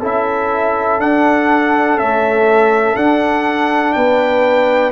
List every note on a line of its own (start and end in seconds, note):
0.00 0.98 C#4
0.00 1.00 E4
0.00 3.93 A4
0.00 1.00 E5
0.98 1.96 D4
0.98 1.98 D4
0.98 1.98 F#5
1.96 2.96 A3
1.96 2.94 C#4
1.96 2.96 E5
2.96 3.94 D4
2.96 4.92 D4
2.96 3.93 F#5
3.93 4.92 B3
3.93 4.92 B4
3.93 4.91 G5